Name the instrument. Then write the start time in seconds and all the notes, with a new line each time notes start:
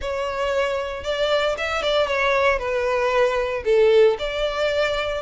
violin
0.01 C#5
1.03 D5
1.57 E5
1.82 D5
2.07 C#5
2.58 B4
3.65 A4
4.18 D5